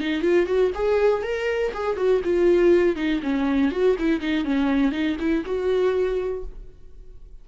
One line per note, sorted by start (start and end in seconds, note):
0.00 0.22 D#4
0.22 0.46 F4
0.46 0.71 F#4
0.75 1.23 G#4
1.23 1.72 A#4
1.74 1.97 G#4
1.97 2.21 F#4
2.24 2.95 F4
2.95 3.20 D#4
3.22 3.71 C#4
3.71 3.96 F#4
3.99 4.21 E4
4.21 4.44 D#4
4.44 4.92 C#4
4.92 5.16 D#4
5.19 5.44 E4
5.45 6.44 F#4